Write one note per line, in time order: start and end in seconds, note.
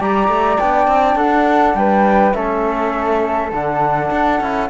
0.00 0.28 G3
0.00 0.60 G4
0.00 1.17 D5
0.00 0.60 A#5
0.28 0.58 A3
0.60 0.87 B3
0.60 2.34 D4
0.60 1.18 G5
0.87 1.16 C4
1.16 1.74 D4
1.16 1.76 A4
1.16 1.76 F#5
1.75 2.34 G3
1.75 2.36 B4
1.75 2.34 G5
2.34 3.52 A3
2.34 3.52 C#4
2.34 4.71 A4
2.34 3.52 E5
3.52 4.11 D3
3.52 4.43 D4
3.52 4.71 F#5
4.11 4.41 D4
4.41 4.70 C#4
4.41 4.71 E4